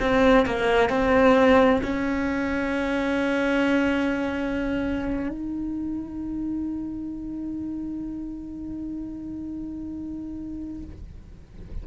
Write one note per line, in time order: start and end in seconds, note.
0.00 0.46 C4
0.46 0.90 A#3
0.90 1.82 C4
1.83 5.29 C#4
5.29 10.83 D#4